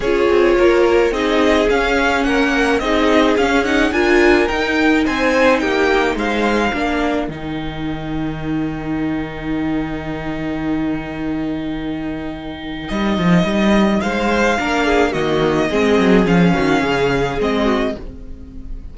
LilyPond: <<
  \new Staff \with { instrumentName = "violin" } { \time 4/4 \tempo 4 = 107 cis''2 dis''4 f''4 | fis''4 dis''4 f''8 fis''8 gis''4 | g''4 gis''4 g''4 f''4~ | f''4 g''2.~ |
g''1~ | g''2. dis''4~ | dis''4 f''2 dis''4~ | dis''4 f''2 dis''4 | }
  \new Staff \with { instrumentName = "violin" } { \time 4/4 gis'4 ais'4 gis'2 | ais'4 gis'2 ais'4~ | ais'4 c''4 g'4 c''4 | ais'1~ |
ais'1~ | ais'1~ | ais'4 c''4 ais'8 gis'8 fis'4 | gis'4. fis'8 gis'4. fis'8 | }
  \new Staff \with { instrumentName = "viola" } { \time 4/4 f'2 dis'4 cis'4~ | cis'4 dis'4 cis'8 dis'8 f'4 | dis'1 | d'4 dis'2.~ |
dis'1~ | dis'1~ | dis'2 d'4 ais4 | c'4 cis'2 c'4 | }
  \new Staff \with { instrumentName = "cello" } { \time 4/4 cis'8 c'8 ais4 c'4 cis'4 | ais4 c'4 cis'4 d'4 | dis'4 c'4 ais4 gis4 | ais4 dis2.~ |
dis1~ | dis2. g8 f8 | g4 gis4 ais4 dis4 | gis8 fis8 f8 dis8 cis4 gis4 | }
>>